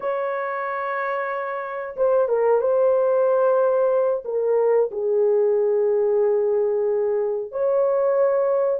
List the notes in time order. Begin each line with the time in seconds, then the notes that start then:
0.00 C#5
1.96 C5
2.28 A#4
2.60 C5
4.25 A#4
4.91 G#4
7.51 C#5